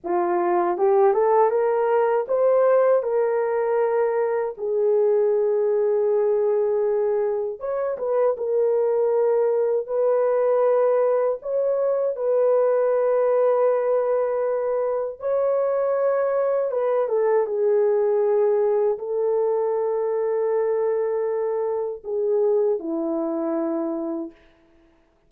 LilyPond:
\new Staff \with { instrumentName = "horn" } { \time 4/4 \tempo 4 = 79 f'4 g'8 a'8 ais'4 c''4 | ais'2 gis'2~ | gis'2 cis''8 b'8 ais'4~ | ais'4 b'2 cis''4 |
b'1 | cis''2 b'8 a'8 gis'4~ | gis'4 a'2.~ | a'4 gis'4 e'2 | }